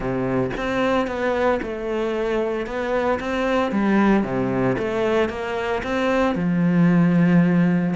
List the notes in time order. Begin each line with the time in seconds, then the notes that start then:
0.00 C3
0.57 C4
1.07 B3
1.62 A3
2.66 B3
3.19 C4
3.71 G3
4.23 C3
4.78 A3
5.29 A#3
5.83 C4
6.35 F3